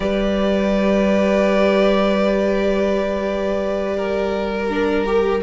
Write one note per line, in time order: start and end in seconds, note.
0.00 5.41 G3
0.00 4.69 G4
0.00 3.96 B4
0.00 4.68 D5
3.96 5.41 A#4
4.69 5.05 D4
4.69 5.42 A#4
5.05 5.41 G4